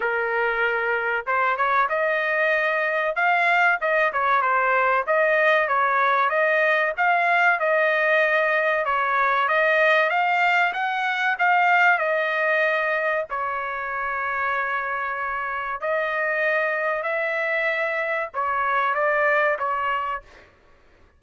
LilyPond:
\new Staff \with { instrumentName = "trumpet" } { \time 4/4 \tempo 4 = 95 ais'2 c''8 cis''8 dis''4~ | dis''4 f''4 dis''8 cis''8 c''4 | dis''4 cis''4 dis''4 f''4 | dis''2 cis''4 dis''4 |
f''4 fis''4 f''4 dis''4~ | dis''4 cis''2.~ | cis''4 dis''2 e''4~ | e''4 cis''4 d''4 cis''4 | }